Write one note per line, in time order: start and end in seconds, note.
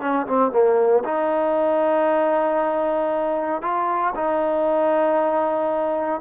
0.00 0.26 C#4
0.26 0.51 C4
0.51 1.03 A#3
1.04 3.62 D#4
3.62 4.13 F4
4.15 6.21 D#4